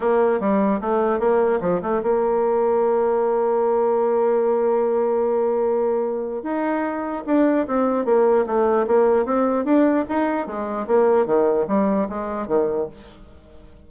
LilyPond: \new Staff \with { instrumentName = "bassoon" } { \time 4/4 \tempo 4 = 149 ais4 g4 a4 ais4 | f8 a8 ais2.~ | ais1~ | ais1 |
dis'2 d'4 c'4 | ais4 a4 ais4 c'4 | d'4 dis'4 gis4 ais4 | dis4 g4 gis4 dis4 | }